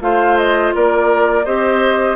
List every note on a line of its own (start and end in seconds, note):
0.00 0.73 A3
0.00 1.45 F4
0.00 0.75 C5
0.00 0.37 F5
0.37 0.73 D#5
0.75 1.46 A#3
0.75 1.45 A#4
0.75 1.45 D5
1.45 2.16 C4
1.45 2.16 G4
1.45 2.16 C5
1.45 2.16 D#5